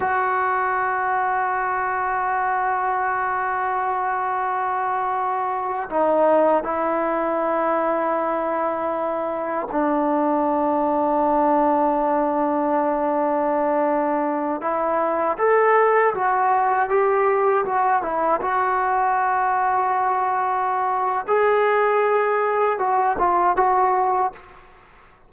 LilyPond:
\new Staff \with { instrumentName = "trombone" } { \time 4/4 \tempo 4 = 79 fis'1~ | fis'2.~ fis'8. dis'16~ | dis'8. e'2.~ e'16~ | e'8. d'2.~ d'16~ |
d'2.~ d'16 e'8.~ | e'16 a'4 fis'4 g'4 fis'8 e'16~ | e'16 fis'2.~ fis'8. | gis'2 fis'8 f'8 fis'4 | }